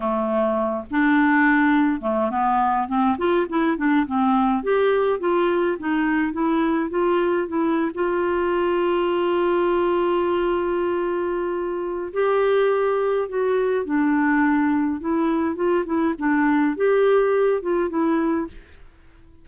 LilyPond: \new Staff \with { instrumentName = "clarinet" } { \time 4/4 \tempo 4 = 104 a4. d'2 a8 | b4 c'8 f'8 e'8 d'8 c'4 | g'4 f'4 dis'4 e'4 | f'4 e'8. f'2~ f'16~ |
f'1~ | f'4 g'2 fis'4 | d'2 e'4 f'8 e'8 | d'4 g'4. f'8 e'4 | }